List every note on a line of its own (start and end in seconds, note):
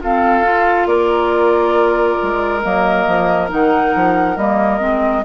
0.00 0.44 C4
0.00 0.86 F4
0.00 0.88 A4
0.00 0.87 F5
0.44 2.61 F4
0.86 2.16 A#3
0.86 5.23 A#4
0.86 2.61 D5
2.23 2.65 G#3
2.62 3.07 F#3
2.62 3.49 A#3
2.62 3.49 D#5
3.07 3.51 F3
3.49 3.95 D#3
3.49 4.36 D#4
3.49 4.37 F#5
3.95 4.37 F3
4.37 4.80 G3
4.37 4.80 A#3
4.37 5.24 D#5
4.80 5.24 G#3
4.80 5.23 C4